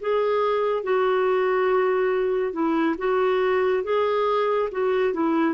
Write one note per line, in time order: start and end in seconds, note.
0.00 0.83 G#4
0.83 2.52 F#4
2.52 2.95 E4
2.98 3.83 F#4
3.83 4.69 G#4
4.71 5.14 F#4
5.14 5.54 E4